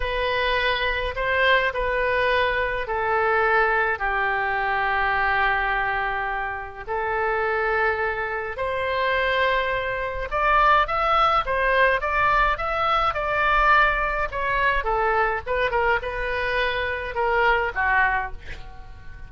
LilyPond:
\new Staff \with { instrumentName = "oboe" } { \time 4/4 \tempo 4 = 105 b'2 c''4 b'4~ | b'4 a'2 g'4~ | g'1 | a'2. c''4~ |
c''2 d''4 e''4 | c''4 d''4 e''4 d''4~ | d''4 cis''4 a'4 b'8 ais'8 | b'2 ais'4 fis'4 | }